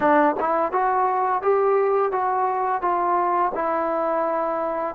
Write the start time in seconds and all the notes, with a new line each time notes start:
0.00 D4
0.39 E4
0.72 F#4
1.41 G4
2.11 F#4
2.81 F4
3.54 E4